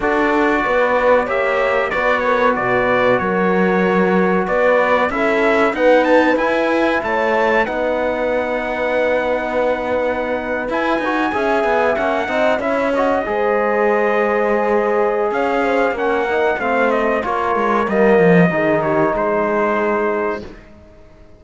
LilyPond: <<
  \new Staff \with { instrumentName = "trumpet" } { \time 4/4 \tempo 4 = 94 d''2 e''4 d''8 cis''8 | d''4 cis''2 d''4 | e''4 fis''8 a''8 gis''4 a''4 | fis''1~ |
fis''8. gis''2 fis''4 e''16~ | e''16 dis''2.~ dis''8. | f''4 fis''4 f''8 dis''8 cis''4 | dis''4. cis''8 c''2 | }
  \new Staff \with { instrumentName = "horn" } { \time 4/4 a'4 b'4 cis''4 b'8 ais'8 | b'4 ais'2 b'4 | a'4 b'2 cis''4 | b'1~ |
b'4.~ b'16 e''4. dis''8 cis''16~ | cis''8. c''2.~ c''16 | cis''8 c''8 ais'4 c''4 ais'4~ | ais'4 gis'8 g'8 gis'2 | }
  \new Staff \with { instrumentName = "trombone" } { \time 4/4 fis'2 g'4 fis'4~ | fis'1 | e'4 b4 e'2 | dis'1~ |
dis'8. e'8 fis'8 gis'4 cis'8 dis'8 e'16~ | e'16 fis'8 gis'2.~ gis'16~ | gis'4 cis'8 dis'8 c'4 f'4 | ais4 dis'2. | }
  \new Staff \with { instrumentName = "cello" } { \time 4/4 d'4 b4 ais4 b4 | b,4 fis2 b4 | cis'4 dis'4 e'4 a4 | b1~ |
b8. e'8 dis'8 cis'8 b8 ais8 c'8 cis'16~ | cis'8. gis2.~ gis16 | cis'4 ais4 a4 ais8 gis8 | g8 f8 dis4 gis2 | }
>>